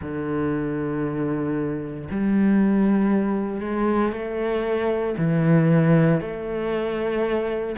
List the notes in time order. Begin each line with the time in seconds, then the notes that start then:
0.01 D3
2.10 G3
3.60 G#3
4.12 A3
5.17 E3
6.21 A3